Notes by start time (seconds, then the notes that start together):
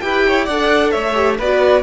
0.00 E4 G4 B4 G5
0.28 C#5
0.45 D4 A4 D5 F#5
0.91 A3 C#5 E5
1.13 G4
1.37 B3 F#4 B4 D5